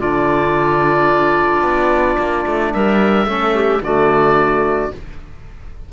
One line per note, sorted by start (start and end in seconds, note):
0.00 1.62 D3
0.00 3.28 D4
0.00 2.73 F4
0.00 2.74 D5
1.62 2.17 B3
2.18 2.46 A#3
2.47 2.74 A3
2.74 3.26 G3
2.74 3.27 A#4
2.74 3.83 E5
3.26 3.81 A3
3.26 3.83 C#4
3.26 3.54 A4
3.55 3.82 G4
3.83 4.92 D3
3.83 4.92 A3
3.83 4.93 F#4
3.83 4.93 D5